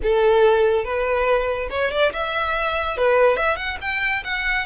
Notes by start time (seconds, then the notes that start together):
0.02 A4
0.84 B4
1.70 C#5
1.91 D5
2.12 E5
2.97 B4
3.36 E5
3.56 F#5
3.81 G5
4.24 F#5